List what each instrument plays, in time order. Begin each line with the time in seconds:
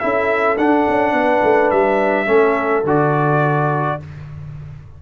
0.00 tuba C#4, trombone E4, horn A4, trumpet E5
0.58 tuba D4, trombone D4, trumpet F#5
0.89 tuba C#4
1.13 tuba B3, horn B4
1.43 tuba A3
1.71 tuba G3, trumpet E5
2.26 tuba A3, trombone C#4, horn A4
2.84 tuba D3, trombone F#4, trumpet D5